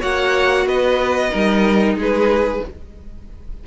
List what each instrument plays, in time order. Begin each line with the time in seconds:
0.00 cello A#3, viola F#4, violin C#5 F#5
0.66 cello B3, violin B4 D#5
1.30 cello G3, viola D#4, violin A#4
1.94 cello G#3, violin G#4
2.01 violin B4